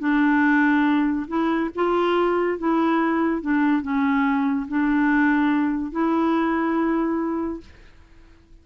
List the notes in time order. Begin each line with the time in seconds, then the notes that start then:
0.00 D4
1.28 E4
1.75 F4
2.59 E4
3.42 D4
3.83 C#4
4.68 D4
5.92 E4